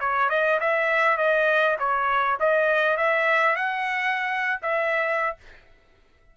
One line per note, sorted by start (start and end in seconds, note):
0.00 0.29 C#5
0.29 0.59 D#5
0.60 1.17 E5
1.17 1.77 D#5
1.79 2.38 C#5
2.40 2.97 D#5
2.97 3.56 E5
3.56 4.60 F#5
4.62 5.36 E5